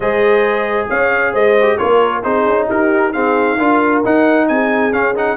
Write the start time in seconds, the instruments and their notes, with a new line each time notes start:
0.00 tuba G#3, trombone G#4, horn C5, trumpet D#5
0.89 tuba C#4, horn C#5, trumpet F5
1.32 tuba G#3, horn C5, trumpet D#5
1.61 trombone G4
1.77 tuba A#3, trombone F4, horn A#4, trumpet C#5
2.23 tuba C4, trombone D#4, horn G#4, trumpet C5
2.45 tuba C#4
2.68 tuba D#4, horn G4, trumpet A#4
3.12 trombone C4, horn G#4, trumpet F5
3.56 tuba D4, trombone F4, horn A#4
4.04 trombone D#4, tuba D#4, trumpet F#5
4.48 tuba C4, horn G#4, trumpet G#5
4.92 trombone C#4, tuba C#4, trumpet F5
5.15 trombone D#4, trumpet F#5